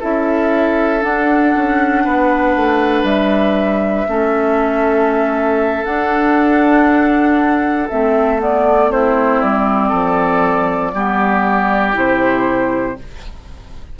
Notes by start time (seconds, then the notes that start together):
0.00 C#4 E4 A4 E5
1.01 D4 F#5
1.56 C#4
2.05 B3 B4
2.56 A3
3.04 G3 E5
4.08 A3 C#4 A4
5.85 D4 F#5
7.89 A3 C4 E5
8.39 B3 D5
8.90 C4 E4 C5
9.42 G3 D5
9.90 F3 A4
10.94 G3 B3 G4
11.93 C3 E4 C5